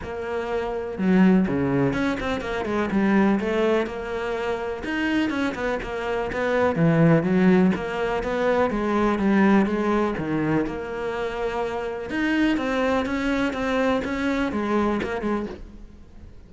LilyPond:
\new Staff \with { instrumentName = "cello" } { \time 4/4 \tempo 4 = 124 ais2 fis4 cis4 | cis'8 c'8 ais8 gis8 g4 a4 | ais2 dis'4 cis'8 b8 | ais4 b4 e4 fis4 |
ais4 b4 gis4 g4 | gis4 dis4 ais2~ | ais4 dis'4 c'4 cis'4 | c'4 cis'4 gis4 ais8 gis8 | }